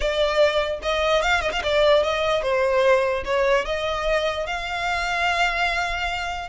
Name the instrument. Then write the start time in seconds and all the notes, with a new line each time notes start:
violin
0.00 D5
0.82 D#5
1.21 F5
1.41 D#5
1.51 F5
1.63 D5
2.03 D#5
2.42 C5
3.24 C#5
3.65 D#5
4.46 F5